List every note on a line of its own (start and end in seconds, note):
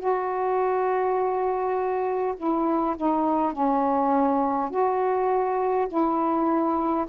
0.00 2.35 F#4
2.37 2.96 E4
2.97 3.53 D#4
3.53 4.71 C#4
4.71 5.88 F#4
5.89 7.06 E4